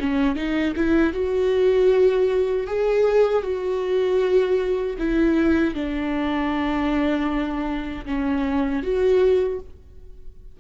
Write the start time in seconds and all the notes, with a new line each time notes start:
0.00 C#4
0.36 D#4
0.76 E4
1.13 F#4
2.67 G#4
3.43 F#4
4.99 E4
5.74 D4
8.06 C#4
8.83 F#4